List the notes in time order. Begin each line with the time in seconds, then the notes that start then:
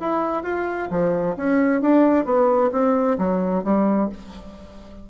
0.00 E4
0.43 F4
0.90 F3
1.37 C#4
1.82 D4
2.25 B3
2.72 C4
3.19 F#3
3.64 G3